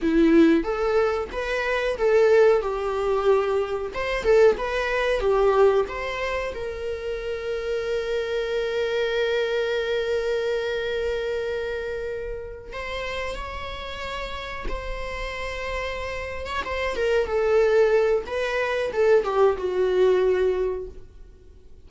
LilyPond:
\new Staff \with { instrumentName = "viola" } { \time 4/4 \tempo 4 = 92 e'4 a'4 b'4 a'4 | g'2 c''8 a'8 b'4 | g'4 c''4 ais'2~ | ais'1~ |
ais'2.~ ais'8 c''8~ | c''8 cis''2 c''4.~ | c''4~ c''16 cis''16 c''8 ais'8 a'4. | b'4 a'8 g'8 fis'2 | }